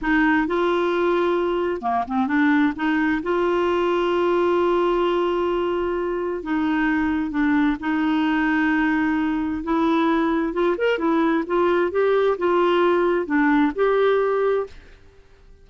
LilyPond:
\new Staff \with { instrumentName = "clarinet" } { \time 4/4 \tempo 4 = 131 dis'4 f'2. | ais8 c'8 d'4 dis'4 f'4~ | f'1~ | f'2 dis'2 |
d'4 dis'2.~ | dis'4 e'2 f'8 ais'8 | e'4 f'4 g'4 f'4~ | f'4 d'4 g'2 | }